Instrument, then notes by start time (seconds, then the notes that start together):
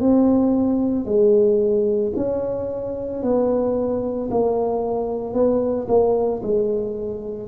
tuba
0.00 C4
1.05 G#3
2.16 C#4
3.22 B3
4.31 A#3
5.33 B3
5.88 A#3
6.43 G#3